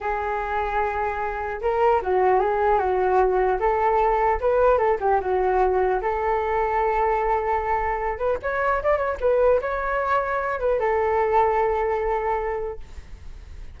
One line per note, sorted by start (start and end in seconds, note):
0.00 1.60 G#4
1.61 2.01 A#4
2.01 2.40 F#4
2.40 2.79 G#4
2.79 3.59 F#4
3.59 4.39 A4
4.40 4.78 B4
4.78 4.98 A4
5.00 5.20 G4
5.21 6.01 F#4
6.01 8.18 A4
8.18 8.38 B4
8.42 8.82 C#5
8.82 8.97 D5
8.97 9.17 C#5
9.20 9.60 B4
9.61 10.59 C#5
10.59 10.79 B4
10.79 12.79 A4